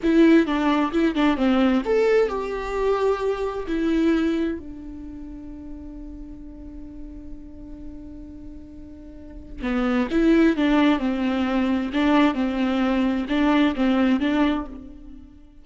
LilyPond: \new Staff \with { instrumentName = "viola" } { \time 4/4 \tempo 4 = 131 e'4 d'4 e'8 d'8 c'4 | a'4 g'2. | e'2 d'2~ | d'1~ |
d'1~ | d'4 b4 e'4 d'4 | c'2 d'4 c'4~ | c'4 d'4 c'4 d'4 | }